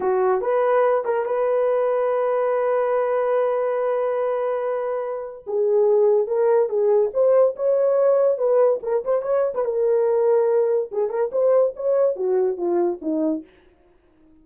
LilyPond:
\new Staff \with { instrumentName = "horn" } { \time 4/4 \tempo 4 = 143 fis'4 b'4. ais'8 b'4~ | b'1~ | b'1~ | b'4 gis'2 ais'4 |
gis'4 c''4 cis''2 | b'4 ais'8 c''8 cis''8. b'16 ais'4~ | ais'2 gis'8 ais'8 c''4 | cis''4 fis'4 f'4 dis'4 | }